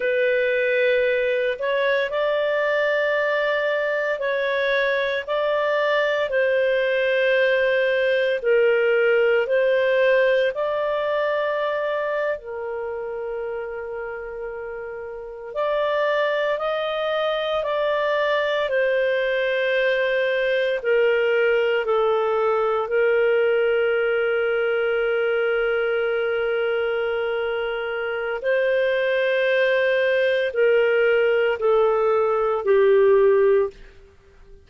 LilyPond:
\new Staff \with { instrumentName = "clarinet" } { \time 4/4 \tempo 4 = 57 b'4. cis''8 d''2 | cis''4 d''4 c''2 | ais'4 c''4 d''4.~ d''16 ais'16~ | ais'2~ ais'8. d''4 dis''16~ |
dis''8. d''4 c''2 ais'16~ | ais'8. a'4 ais'2~ ais'16~ | ais'2. c''4~ | c''4 ais'4 a'4 g'4 | }